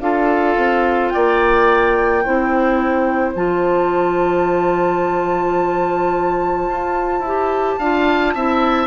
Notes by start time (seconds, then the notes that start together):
0.00 D4 F4 A4 F5
0.57 C4
1.09 A#3 D5 G5
2.24 C4 E4 C5
3.35 F3 F4 A5
6.68 F4
7.19 E4
7.25 G4
7.78 D4 F4 F5
8.34 C4 E4 E5